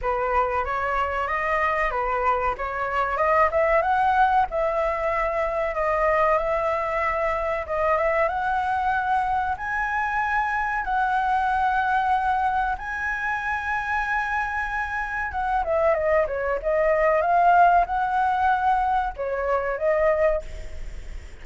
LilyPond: \new Staff \with { instrumentName = "flute" } { \time 4/4 \tempo 4 = 94 b'4 cis''4 dis''4 b'4 | cis''4 dis''8 e''8 fis''4 e''4~ | e''4 dis''4 e''2 | dis''8 e''8 fis''2 gis''4~ |
gis''4 fis''2. | gis''1 | fis''8 e''8 dis''8 cis''8 dis''4 f''4 | fis''2 cis''4 dis''4 | }